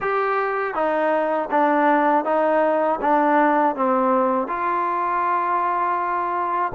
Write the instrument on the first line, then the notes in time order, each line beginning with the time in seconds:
trombone
0.00 G4
0.74 D#4
1.50 D4
2.24 D#4
3.01 D4
3.75 C4
4.47 F4